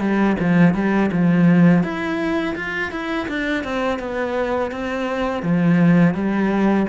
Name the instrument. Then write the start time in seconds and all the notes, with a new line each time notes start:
cello
0.00 G3
0.39 F3
0.74 G3
1.12 F3
1.83 E4
2.56 F4
2.91 E4
3.28 D4
3.64 C4
3.99 B3
4.72 C4
5.42 F3
6.14 G3